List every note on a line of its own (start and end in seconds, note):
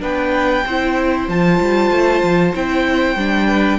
0.00 0.65 B3
0.00 0.63 D4
0.00 0.65 B4
0.00 1.30 G5
0.66 1.29 C4
0.66 1.31 E4
0.66 3.47 C5
1.29 1.60 F3
1.29 2.54 F4
1.29 2.56 A5
1.61 1.91 G3
1.91 2.23 A3
2.23 2.55 F3
2.54 3.16 C4
2.54 3.17 E4
2.54 3.80 G5
3.16 3.79 G3
3.16 3.80 D4
3.47 3.79 B4